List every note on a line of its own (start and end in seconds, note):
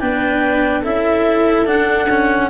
0.00 0.85 B3
0.00 0.84 D4
0.00 0.82 B4
0.00 0.83 G5
0.82 1.67 C#4
0.82 1.66 E4
0.82 2.49 A4
0.82 1.67 E5
1.66 2.08 D4
1.66 2.50 D4
1.66 2.50 F#5
2.10 2.50 C#4